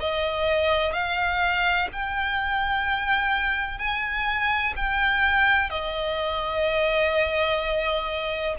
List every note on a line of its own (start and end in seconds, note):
0.00 0.93 D#5
0.93 1.88 F5
1.93 3.78 G5
3.78 4.74 G#5
4.76 5.70 G5
5.70 8.56 D#5